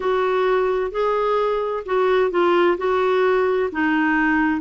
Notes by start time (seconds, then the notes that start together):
0.00 F#4
0.91 G#4
1.85 F#4
2.31 F4
2.77 F#4
3.72 D#4